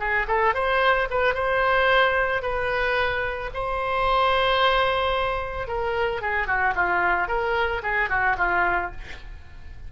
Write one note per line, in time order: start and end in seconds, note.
0.00 0.27 G#4
0.28 0.55 A4
0.55 1.09 C5
1.11 1.35 B4
1.35 2.43 C5
2.43 3.51 B4
3.54 5.68 C5
5.68 6.22 A#4
6.22 6.47 G#4
6.47 6.74 F#4
6.75 7.28 F4
7.28 7.82 A#4
7.83 8.10 G#4
8.10 8.37 F#4
8.38 8.92 F4